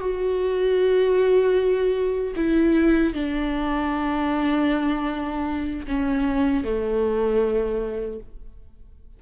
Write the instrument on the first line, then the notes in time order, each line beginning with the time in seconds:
viola
0.00 F#4
2.36 E4
3.13 D4
5.87 C#4
6.64 A3